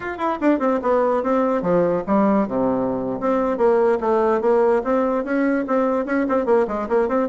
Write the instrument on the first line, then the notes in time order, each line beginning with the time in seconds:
bassoon
0.00 F4
0.17 E4
0.41 D4
0.59 C4
0.82 B3
1.23 C4
1.62 F3
2.06 G3
2.47 C3
3.20 C4
3.57 A#3
4.00 A3
4.41 A#3
4.83 C4
5.24 C#4
5.67 C4
6.05 C#4
6.28 C4
6.45 A#3
6.67 G#3
6.89 A#3
7.08 C4